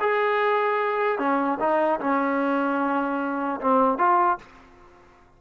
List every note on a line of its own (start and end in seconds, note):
0.00 1.18 G#4
1.18 1.58 C#4
1.60 2.00 D#4
2.00 3.60 C#4
3.61 3.98 C4
3.98 4.38 F4